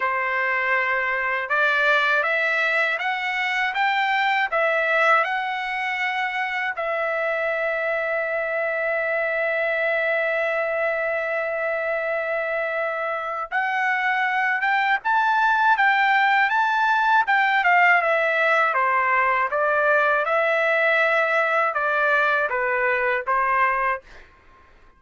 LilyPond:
\new Staff \with { instrumentName = "trumpet" } { \time 4/4 \tempo 4 = 80 c''2 d''4 e''4 | fis''4 g''4 e''4 fis''4~ | fis''4 e''2.~ | e''1~ |
e''2 fis''4. g''8 | a''4 g''4 a''4 g''8 f''8 | e''4 c''4 d''4 e''4~ | e''4 d''4 b'4 c''4 | }